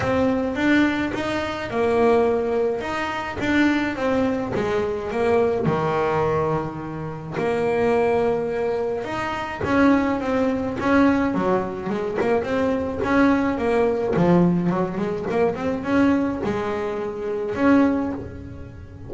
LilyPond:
\new Staff \with { instrumentName = "double bass" } { \time 4/4 \tempo 4 = 106 c'4 d'4 dis'4 ais4~ | ais4 dis'4 d'4 c'4 | gis4 ais4 dis2~ | dis4 ais2. |
dis'4 cis'4 c'4 cis'4 | fis4 gis8 ais8 c'4 cis'4 | ais4 f4 fis8 gis8 ais8 c'8 | cis'4 gis2 cis'4 | }